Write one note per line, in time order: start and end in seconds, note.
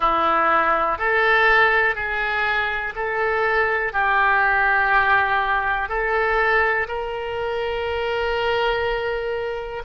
0.00 0.98 E4
0.98 1.95 A4
1.95 2.93 G#4
2.95 3.92 A4
3.92 5.88 G4
5.88 6.87 A4
6.88 9.83 A#4